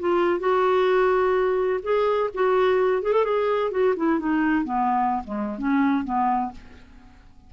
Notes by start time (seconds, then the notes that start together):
0.00 F4
0.40 F#4
1.83 G#4
2.35 F#4
3.03 G#4
3.13 A4
3.25 G#4
3.72 F#4
3.97 E4
4.20 D#4
4.65 B3
5.25 G#3
5.59 C#4
6.05 B3